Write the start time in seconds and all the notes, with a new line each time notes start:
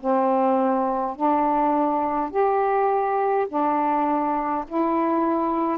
0.00 C4
1.15 D4
2.30 G4
3.48 D4
4.67 E4